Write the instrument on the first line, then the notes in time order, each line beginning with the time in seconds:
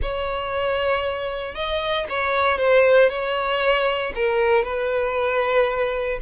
violin
0.01 C#5
1.54 D#5
2.09 C#5
2.58 C5
3.09 C#5
4.15 A#4
4.64 B4